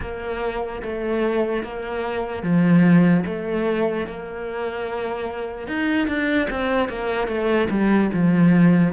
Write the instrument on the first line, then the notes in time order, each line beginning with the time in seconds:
cello
0.00 A#3
0.82 A3
1.63 A#3
2.43 F3
3.25 A3
4.07 A#3
5.67 D#4
6.07 D4
6.49 C4
6.88 A#3
7.27 A3
7.70 G3
8.13 F3